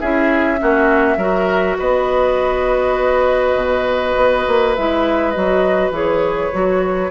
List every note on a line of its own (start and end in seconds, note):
0.00 0.61 C#4
0.00 0.58 E4
0.00 0.60 G#4
0.00 1.78 E5
0.58 1.17 A#3
0.58 1.18 C#4
0.58 1.18 F#4
1.17 1.77 F#3
1.17 4.77 F#4
1.17 1.77 A#4
1.79 3.55 B3
1.79 7.11 B4
1.79 4.75 D#5
3.55 4.15 B2
4.16 4.46 B3
4.48 4.78 A#3
4.75 5.37 G#3
4.75 5.34 E4
4.75 5.31 E5
5.31 5.91 F#3
5.31 5.93 F#4
5.31 5.90 D#5
5.91 6.50 E3
5.91 6.52 G#4
5.91 7.11 C#5
6.53 7.11 F#3
6.53 7.11 F#4